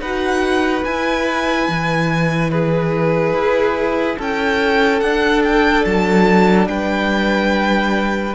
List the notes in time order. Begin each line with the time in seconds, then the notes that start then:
0.00 D#4 F#4 B4 F#5
0.84 E4 G#5
1.68 E3
2.50 G#4 B4
3.33 E4
4.18 C#4 A4 G5
5.00 D4 F#5
5.44 G5
5.85 F#3 A5
6.67 G3 B4 G5